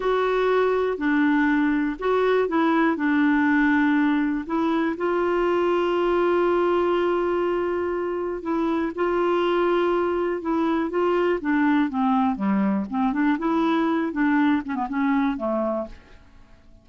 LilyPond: \new Staff \with { instrumentName = "clarinet" } { \time 4/4 \tempo 4 = 121 fis'2 d'2 | fis'4 e'4 d'2~ | d'4 e'4 f'2~ | f'1~ |
f'4 e'4 f'2~ | f'4 e'4 f'4 d'4 | c'4 g4 c'8 d'8 e'4~ | e'8 d'4 cis'16 b16 cis'4 a4 | }